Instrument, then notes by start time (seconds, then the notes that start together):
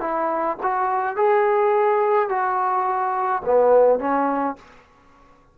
trombone
0.00 E4
0.62 F#4
1.16 G#4
2.29 F#4
3.45 B3
3.99 C#4